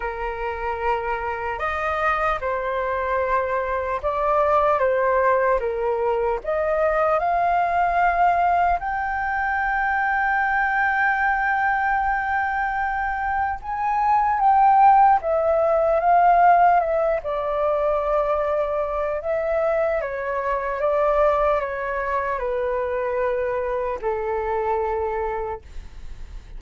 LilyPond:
\new Staff \with { instrumentName = "flute" } { \time 4/4 \tempo 4 = 75 ais'2 dis''4 c''4~ | c''4 d''4 c''4 ais'4 | dis''4 f''2 g''4~ | g''1~ |
g''4 gis''4 g''4 e''4 | f''4 e''8 d''2~ d''8 | e''4 cis''4 d''4 cis''4 | b'2 a'2 | }